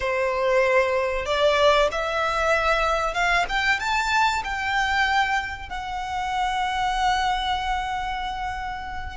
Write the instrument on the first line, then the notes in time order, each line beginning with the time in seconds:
violin
0.00 C5
1.25 D5
1.91 E5
3.13 F5
3.48 G5
3.79 A5
4.44 G5
5.69 F#5